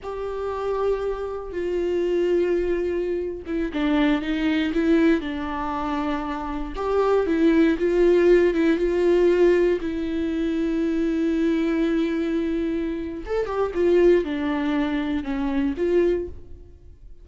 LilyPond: \new Staff \with { instrumentName = "viola" } { \time 4/4 \tempo 4 = 118 g'2. f'4~ | f'2~ f'8. e'8 d'8.~ | d'16 dis'4 e'4 d'4.~ d'16~ | d'4~ d'16 g'4 e'4 f'8.~ |
f'8. e'8 f'2 e'8.~ | e'1~ | e'2 a'8 g'8 f'4 | d'2 cis'4 f'4 | }